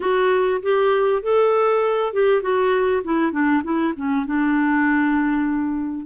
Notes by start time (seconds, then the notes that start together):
0.00 F#4
0.62 G4
1.22 A4
2.13 G4
2.41 F#4
3.04 E4
3.32 D4
3.63 E4
3.96 C#4
4.26 D4